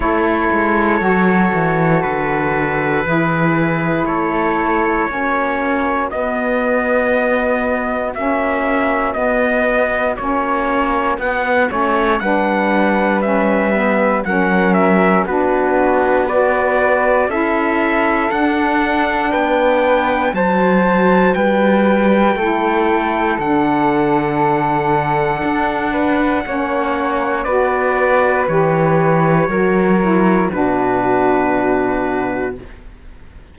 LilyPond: <<
  \new Staff \with { instrumentName = "trumpet" } { \time 4/4 \tempo 4 = 59 cis''2 b'2 | cis''2 dis''2 | e''4 dis''4 cis''4 fis''8 cis''8 | fis''4 e''4 fis''8 e''8 b'4 |
d''4 e''4 fis''4 g''4 | a''4 g''2 fis''4~ | fis''2. d''4 | cis''2 b'2 | }
  \new Staff \with { instrumentName = "flute" } { \time 4/4 a'2. gis'4 | a'4 fis'2.~ | fis'1 | b'2 ais'4 fis'4 |
b'4 a'2 b'4 | c''4 b'4 a'2~ | a'4. b'8 cis''4 b'4~ | b'4 ais'4 fis'2 | }
  \new Staff \with { instrumentName = "saxophone" } { \time 4/4 e'4 fis'2 e'4~ | e'4 cis'4 b2 | cis'4 b4 cis'4 b8 cis'8 | d'4 cis'8 b8 cis'4 d'4 |
fis'4 e'4 d'2 | fis'2 e'4 d'4~ | d'2 cis'4 fis'4 | g'4 fis'8 e'8 d'2 | }
  \new Staff \with { instrumentName = "cello" } { \time 4/4 a8 gis8 fis8 e8 d4 e4 | a4 ais4 b2 | ais4 b4 ais4 b8 a8 | g2 fis4 b4~ |
b4 cis'4 d'4 b4 | fis4 g4 a4 d4~ | d4 d'4 ais4 b4 | e4 fis4 b,2 | }
>>